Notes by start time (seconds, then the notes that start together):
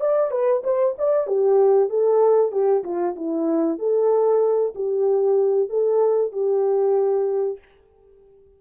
0.00 D5
0.31 B4
0.64 C5
0.98 D5
1.27 G4
1.89 A4
2.51 G4
2.84 F4
3.16 E4
3.78 A4
4.75 G4
5.69 A4
6.32 G4